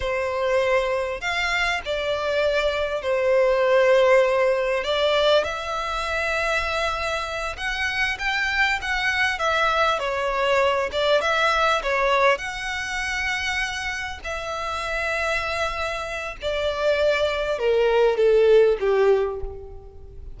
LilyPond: \new Staff \with { instrumentName = "violin" } { \time 4/4 \tempo 4 = 99 c''2 f''4 d''4~ | d''4 c''2. | d''4 e''2.~ | e''8 fis''4 g''4 fis''4 e''8~ |
e''8 cis''4. d''8 e''4 cis''8~ | cis''8 fis''2. e''8~ | e''2. d''4~ | d''4 ais'4 a'4 g'4 | }